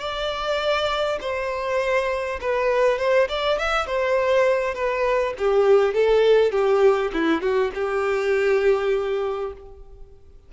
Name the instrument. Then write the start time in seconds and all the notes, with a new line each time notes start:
violin
0.00 D5
1.21 C5
2.41 B4
2.98 C5
3.29 D5
3.59 E5
3.87 C5
4.74 B4
5.38 G4
5.94 A4
6.52 G4
7.14 E4
7.42 F#4
7.75 G4